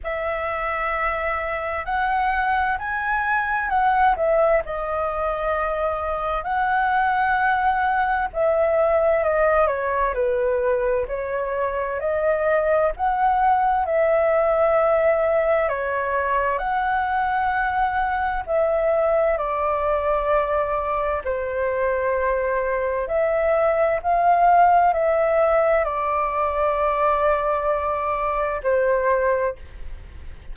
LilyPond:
\new Staff \with { instrumentName = "flute" } { \time 4/4 \tempo 4 = 65 e''2 fis''4 gis''4 | fis''8 e''8 dis''2 fis''4~ | fis''4 e''4 dis''8 cis''8 b'4 | cis''4 dis''4 fis''4 e''4~ |
e''4 cis''4 fis''2 | e''4 d''2 c''4~ | c''4 e''4 f''4 e''4 | d''2. c''4 | }